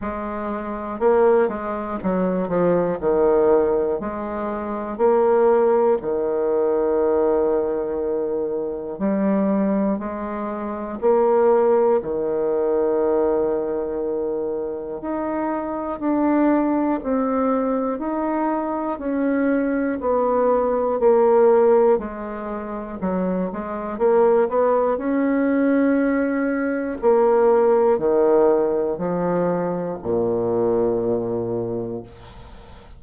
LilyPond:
\new Staff \with { instrumentName = "bassoon" } { \time 4/4 \tempo 4 = 60 gis4 ais8 gis8 fis8 f8 dis4 | gis4 ais4 dis2~ | dis4 g4 gis4 ais4 | dis2. dis'4 |
d'4 c'4 dis'4 cis'4 | b4 ais4 gis4 fis8 gis8 | ais8 b8 cis'2 ais4 | dis4 f4 ais,2 | }